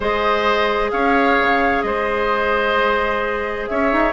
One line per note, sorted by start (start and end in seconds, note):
0.00 0.91 G#3
0.00 4.13 G#4
0.00 0.90 C5
0.00 0.91 D#5
0.91 1.39 C#4
0.91 1.85 C#5
0.91 1.81 F5
1.40 1.83 C#3
1.81 3.68 G#3
1.81 3.70 C5
1.81 3.66 D#5
3.67 3.92 C#4
3.67 4.13 C#5
3.67 4.13 E5
3.92 4.13 D#4